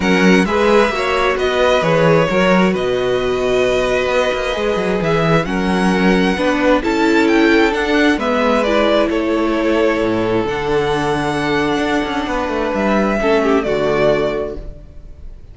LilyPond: <<
  \new Staff \with { instrumentName = "violin" } { \time 4/4 \tempo 4 = 132 fis''4 e''2 dis''4 | cis''2 dis''2~ | dis''2. e''4 | fis''2. a''4 |
g''4 fis''4 e''4 d''4 | cis''2. fis''4~ | fis''1 | e''2 d''2 | }
  \new Staff \with { instrumentName = "violin" } { \time 4/4 ais'4 b'4 cis''4 b'4~ | b'4 ais'4 b'2~ | b'1 | ais'2 b'4 a'4~ |
a'2 b'2 | a'1~ | a'2. b'4~ | b'4 a'8 g'8 fis'2 | }
  \new Staff \with { instrumentName = "viola" } { \time 4/4 cis'4 gis'4 fis'2 | gis'4 fis'2.~ | fis'2 gis'2 | cis'2 d'4 e'4~ |
e'4 d'4 b4 e'4~ | e'2. d'4~ | d'1~ | d'4 cis'4 a2 | }
  \new Staff \with { instrumentName = "cello" } { \time 4/4 fis4 gis4 ais4 b4 | e4 fis4 b,2~ | b,4 b8 ais8 gis8 fis8 e4 | fis2 b4 cis'4~ |
cis'4 d'4 gis2 | a2 a,4 d4~ | d2 d'8 cis'8 b8 a8 | g4 a4 d2 | }
>>